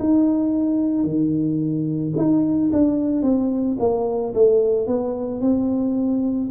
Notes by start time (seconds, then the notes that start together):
0.00 D#4
1.05 D#3
2.17 D#4
2.73 D4
3.23 C4
3.80 A#3
4.35 A3
4.87 B3
5.41 C4